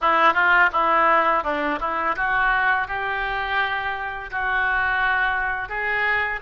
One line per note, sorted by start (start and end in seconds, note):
0.01 0.33 E4
0.33 0.69 F4
0.72 1.43 E4
1.43 1.79 D4
1.80 2.15 E4
2.16 2.87 F#4
2.87 4.30 G4
4.31 5.68 F#4
5.68 6.40 G#4